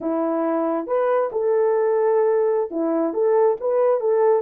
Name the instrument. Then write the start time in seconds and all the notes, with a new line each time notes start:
horn
0.00 E4
0.86 B4
1.32 A4
2.70 E4
3.13 A4
3.60 B4
4.00 A4